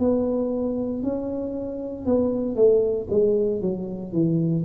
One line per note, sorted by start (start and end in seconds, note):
0.00 1.03 B3
1.03 2.06 C#4
2.06 2.56 B3
2.56 3.08 A3
3.10 3.62 G#3
3.62 4.13 F#3
4.13 4.65 E3